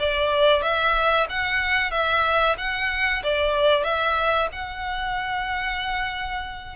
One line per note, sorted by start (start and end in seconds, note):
0.00 0.63 D5
0.63 1.27 E5
1.30 1.91 F#5
1.91 2.56 E5
2.58 3.23 F#5
3.24 3.84 D5
3.84 4.49 E5
4.53 6.77 F#5